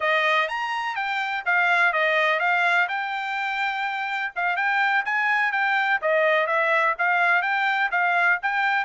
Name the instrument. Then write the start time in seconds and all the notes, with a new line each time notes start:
trumpet
0.00 D#5
0.48 A#5
0.95 G5
1.45 F5
1.92 D#5
2.39 F5
2.88 G5
4.35 F5
4.56 G5
5.05 G#5
5.52 G5
6.01 D#5
6.46 E5
6.98 F5
7.41 G5
7.91 F5
8.42 G5